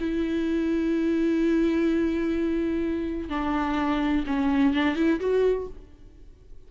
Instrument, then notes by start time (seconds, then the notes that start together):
viola
0.00 E4
3.29 D4
4.27 C#4
4.73 D4
4.96 E4
5.20 F#4